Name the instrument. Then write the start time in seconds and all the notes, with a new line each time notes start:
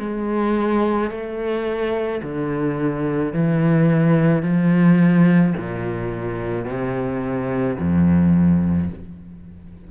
cello
0.00 G#3
1.11 A3
2.23 D3
3.33 E3
4.43 F3
5.58 A#2
6.66 C3
7.79 F2